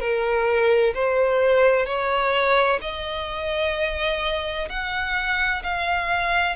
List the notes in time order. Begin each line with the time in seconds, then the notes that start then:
0.00 A#4
0.95 C5
1.86 C#5
2.82 D#5
4.70 F#5
5.63 F5